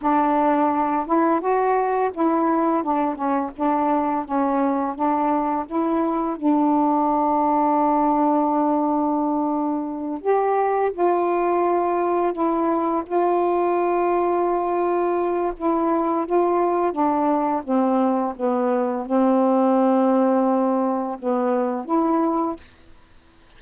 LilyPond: \new Staff \with { instrumentName = "saxophone" } { \time 4/4 \tempo 4 = 85 d'4. e'8 fis'4 e'4 | d'8 cis'8 d'4 cis'4 d'4 | e'4 d'2.~ | d'2~ d'8 g'4 f'8~ |
f'4. e'4 f'4.~ | f'2 e'4 f'4 | d'4 c'4 b4 c'4~ | c'2 b4 e'4 | }